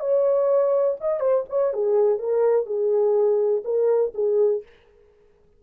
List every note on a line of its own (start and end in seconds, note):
0.00 0.97 C#5
1.00 1.20 D#5
1.20 1.44 C5
1.49 1.73 C#5
1.73 2.19 G#4
2.19 2.66 A#4
2.66 3.63 G#4
3.64 4.13 A#4
4.14 4.63 G#4